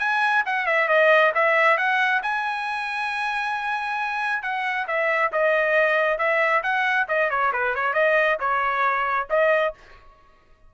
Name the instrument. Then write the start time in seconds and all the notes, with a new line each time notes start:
trumpet
0.00 G#5
0.46 F#5
0.67 E5
0.89 D#5
1.35 E5
1.78 F#5
2.23 G#5
4.43 F#5
4.88 E5
5.33 D#5
6.18 E5
6.63 F#5
7.09 D#5
7.31 C#5
7.53 B4
7.75 C#5
7.94 D#5
8.40 C#5
9.30 D#5